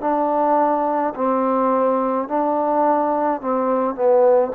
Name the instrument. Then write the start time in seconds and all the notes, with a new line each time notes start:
trombone
0.00 D4
1.15 C4
2.28 D4
3.41 C4
3.95 B3